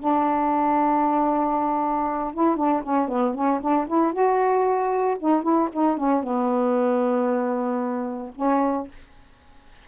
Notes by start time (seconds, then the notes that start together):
0.00 D4
2.35 E4
2.57 D4
2.83 C#4
3.09 B3
3.35 C#4
3.61 D4
3.88 E4
4.13 F#4
5.20 D#4
5.43 E4
5.73 D#4
5.97 C#4
6.23 B3
8.36 C#4